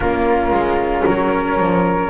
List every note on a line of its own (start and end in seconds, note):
0.00 0.50 A#3
0.00 2.09 C#4
0.00 1.05 F4
0.00 1.03 A#4
0.50 1.03 G#3
1.05 1.59 F#3
1.05 2.09 A#4
1.05 2.09 C#5
1.59 2.09 F3